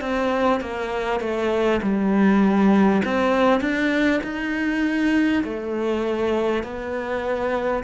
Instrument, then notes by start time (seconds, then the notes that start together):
cello
0.00 C4
0.60 A#3
1.20 A3
1.82 G3
3.04 C4
3.60 D4
4.23 D#4
5.44 A3
6.63 B3